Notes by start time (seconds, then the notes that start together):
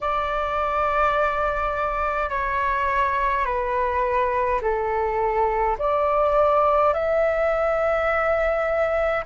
0.01 D5
2.29 C#5
3.45 B4
4.62 A4
5.78 D5
6.93 E5